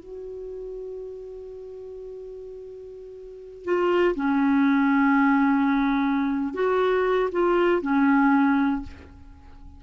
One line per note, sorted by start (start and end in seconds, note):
0.00 3.65 F#4
3.65 4.15 F4
4.16 6.55 C#4
6.55 7.30 F#4
7.32 7.82 F4
7.82 8.83 C#4